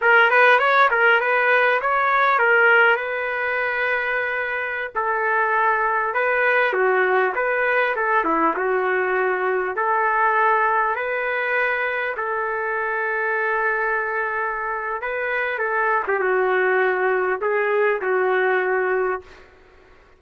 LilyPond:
\new Staff \with { instrumentName = "trumpet" } { \time 4/4 \tempo 4 = 100 ais'8 b'8 cis''8 ais'8 b'4 cis''4 | ais'4 b'2.~ | b'16 a'2 b'4 fis'8.~ | fis'16 b'4 a'8 e'8 fis'4.~ fis'16~ |
fis'16 a'2 b'4.~ b'16~ | b'16 a'2.~ a'8.~ | a'4 b'4 a'8. g'16 fis'4~ | fis'4 gis'4 fis'2 | }